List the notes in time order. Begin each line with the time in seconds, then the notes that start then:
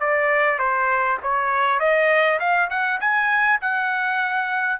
0.00 D5
0.59 C5
1.23 C#5
1.80 D#5
2.40 F5
2.70 F#5
3.01 G#5
3.61 F#5